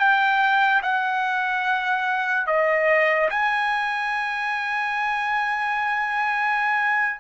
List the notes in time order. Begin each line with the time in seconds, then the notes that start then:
0.00 G5
0.83 F#5
2.47 D#5
3.30 G#5